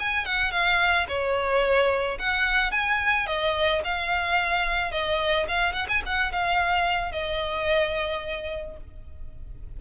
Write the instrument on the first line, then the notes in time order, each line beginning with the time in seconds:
violin
0.00 G#5
0.26 F#5
0.52 F5
1.08 C#5
2.19 F#5
2.71 G#5
3.27 D#5
3.84 F5
4.91 D#5
5.48 F5
5.73 F#5
5.89 G#5
6.06 F#5
6.33 F5
7.12 D#5